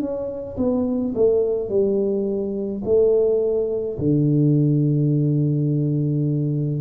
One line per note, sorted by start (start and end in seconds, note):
0.00 0.57 C#4
0.57 1.14 B3
1.15 1.69 A3
1.69 2.82 G3
2.85 3.98 A3
3.98 6.81 D3